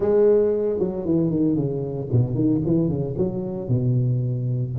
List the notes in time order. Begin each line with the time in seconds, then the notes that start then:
0.00 G#3
0.79 F#3
1.05 E3
1.30 D#3
1.55 C#3
2.12 B2
2.34 D#3
2.65 E3
2.88 C#3
3.17 F#3
3.68 B2